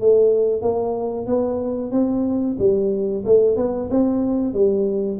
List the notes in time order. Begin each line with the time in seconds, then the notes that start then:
0.00 A3
0.62 A#3
1.27 B3
1.92 C4
2.59 G3
3.26 A3
3.57 B3
3.91 C4
4.54 G3